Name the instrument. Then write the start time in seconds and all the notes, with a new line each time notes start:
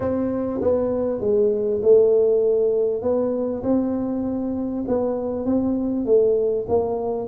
tuba
0.00 C4
0.61 B3
1.20 G#3
1.82 A3
3.02 B3
3.63 C4
4.87 B3
5.45 C4
6.05 A3
6.68 A#3